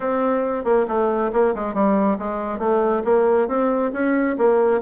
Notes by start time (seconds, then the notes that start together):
0.00 C4
0.64 A#3
0.87 A3
1.32 A#3
1.54 G#3
1.74 G3
2.18 G#3
2.58 A3
3.04 A#3
3.48 C4
3.92 C#4
4.37 A#3